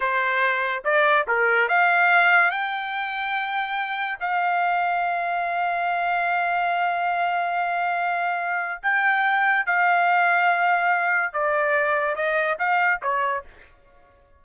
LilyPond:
\new Staff \with { instrumentName = "trumpet" } { \time 4/4 \tempo 4 = 143 c''2 d''4 ais'4 | f''2 g''2~ | g''2 f''2~ | f''1~ |
f''1~ | f''4 g''2 f''4~ | f''2. d''4~ | d''4 dis''4 f''4 cis''4 | }